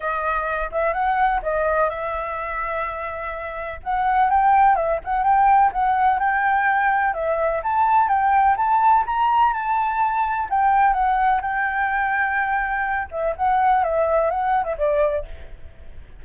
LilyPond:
\new Staff \with { instrumentName = "flute" } { \time 4/4 \tempo 4 = 126 dis''4. e''8 fis''4 dis''4 | e''1 | fis''4 g''4 e''8 fis''8 g''4 | fis''4 g''2 e''4 |
a''4 g''4 a''4 ais''4 | a''2 g''4 fis''4 | g''2.~ g''8 e''8 | fis''4 e''4 fis''8. e''16 d''4 | }